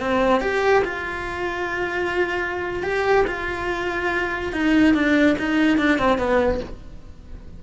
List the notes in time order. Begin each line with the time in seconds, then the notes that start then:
0.00 C4
0.41 G4
0.84 F4
2.83 G4
3.27 F4
4.53 D#4
4.94 D4
5.39 D#4
5.78 D4
5.99 C4
6.18 B3